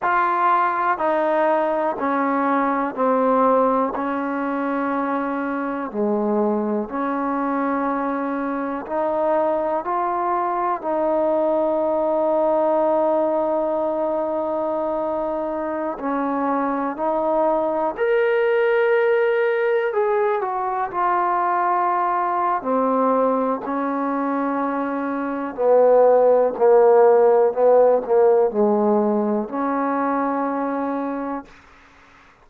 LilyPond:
\new Staff \with { instrumentName = "trombone" } { \time 4/4 \tempo 4 = 61 f'4 dis'4 cis'4 c'4 | cis'2 gis4 cis'4~ | cis'4 dis'4 f'4 dis'4~ | dis'1~ |
dis'16 cis'4 dis'4 ais'4.~ ais'16~ | ais'16 gis'8 fis'8 f'4.~ f'16 c'4 | cis'2 b4 ais4 | b8 ais8 gis4 cis'2 | }